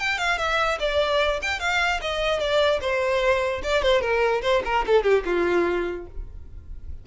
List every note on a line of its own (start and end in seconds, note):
0.00 0.18 G5
0.18 0.38 F5
0.38 0.79 E5
0.80 1.41 D5
1.42 1.60 G5
1.60 2.01 F5
2.02 2.40 D#5
2.40 2.80 D5
2.81 3.62 C5
3.64 3.83 D5
3.83 4.02 C5
4.02 4.42 A#4
4.43 4.63 C5
4.65 4.85 A#4
4.87 5.04 A4
5.04 5.24 G4
5.26 6.07 F4